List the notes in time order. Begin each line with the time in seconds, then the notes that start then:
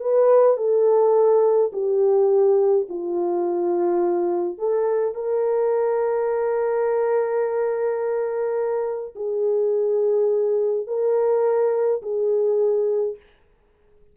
0.00 B4
0.57 A4
1.72 G4
2.89 F4
4.58 A4
5.15 A#4
9.15 G#4
10.87 A#4
12.02 G#4